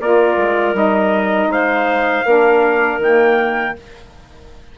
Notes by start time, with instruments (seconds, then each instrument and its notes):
0.00 bassoon A#3, saxophone F4, clarinet A#4, trumpet D5
0.37 bassoon G#3
0.74 bassoon G3, saxophone D#4, trumpet D#5
1.47 bassoon G#3, clarinet C5, trumpet F5
2.26 bassoon A#3, saxophone D4, clarinet A#4
2.98 bassoon D#3, saxophone A#3, trumpet G5